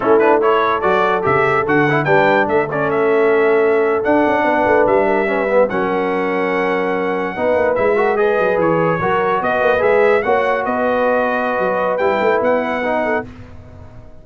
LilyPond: <<
  \new Staff \with { instrumentName = "trumpet" } { \time 4/4 \tempo 4 = 145 a'8 b'8 cis''4 d''4 e''4 | fis''4 g''4 e''8 d''8 e''4~ | e''4.~ e''16 fis''2 e''16~ | e''4.~ e''16 fis''2~ fis''16~ |
fis''2~ fis''8. e''4 dis''16~ | dis''8. cis''2 dis''4 e''16~ | e''8. fis''4 dis''2~ dis''16~ | dis''4 g''4 fis''2 | }
  \new Staff \with { instrumentName = "horn" } { \time 4/4 e'4 a'2.~ | a'4 b'4 a'2~ | a'2~ a'8. b'4~ b'16~ | b'16 ais'8 b'4 ais'2~ ais'16~ |
ais'4.~ ais'16 b'4. ais'8 b'16~ | b'4.~ b'16 ais'4 b'4~ b'16~ | b'8. cis''4 b'2~ b'16~ | b'2.~ b'8 a'8 | }
  \new Staff \with { instrumentName = "trombone" } { \time 4/4 cis'8 d'8 e'4 fis'4 g'4 | fis'8 e'8 d'4. cis'4.~ | cis'4.~ cis'16 d'2~ d'16~ | d'8. cis'8 b8 cis'2~ cis'16~ |
cis'4.~ cis'16 dis'4 e'8 fis'8 gis'16~ | gis'4.~ gis'16 fis'2 gis'16~ | gis'8. fis'2.~ fis'16~ | fis'4 e'2 dis'4 | }
  \new Staff \with { instrumentName = "tuba" } { \time 4/4 a2 fis4 cis4 | d4 g4 a2~ | a4.~ a16 d'8 cis'8 b8 a8 g16~ | g4.~ g16 fis2~ fis16~ |
fis4.~ fis16 b8 ais8 gis4~ gis16~ | gis16 fis8 e4 fis4 b8 ais8 gis16~ | gis8. ais4 b2~ b16 | fis4 g8 a8 b2 | }
>>